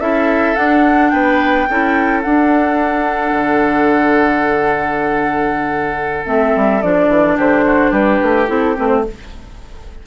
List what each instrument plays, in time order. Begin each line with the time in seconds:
0.00 bassoon C#4, clarinet E4, oboe A4, flute E5
0.56 clarinet D4, bassoon D4, flute F#5
1.10 bassoon B3, oboe B4, flute G5
1.70 bassoon C#4, clarinet E4, oboe A4
2.22 clarinet D4, bassoon D4, flute F#5
3.32 bassoon D3
6.26 bassoon A3, clarinet C4, flute E5
6.56 bassoon G3
6.82 bassoon F3, clarinet D4, flute D5
7.09 bassoon E3
7.37 bassoon D3, oboe G4, flute C5
7.66 oboe F#4
7.91 bassoon G3, oboe G4, flute B4
8.23 bassoon A3
8.48 bassoon C4, clarinet E4, flute A4
8.77 bassoon A3, clarinet C4, flute B4
8.88 flute C5